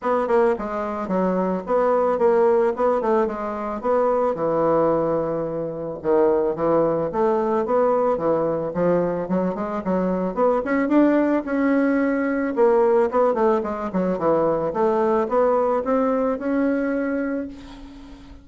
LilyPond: \new Staff \with { instrumentName = "bassoon" } { \time 4/4 \tempo 4 = 110 b8 ais8 gis4 fis4 b4 | ais4 b8 a8 gis4 b4 | e2. dis4 | e4 a4 b4 e4 |
f4 fis8 gis8 fis4 b8 cis'8 | d'4 cis'2 ais4 | b8 a8 gis8 fis8 e4 a4 | b4 c'4 cis'2 | }